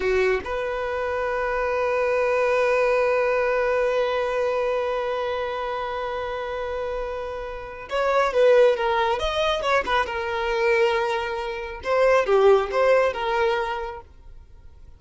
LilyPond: \new Staff \with { instrumentName = "violin" } { \time 4/4 \tempo 4 = 137 fis'4 b'2.~ | b'1~ | b'1~ | b'1~ |
b'2 cis''4 b'4 | ais'4 dis''4 cis''8 b'8 ais'4~ | ais'2. c''4 | g'4 c''4 ais'2 | }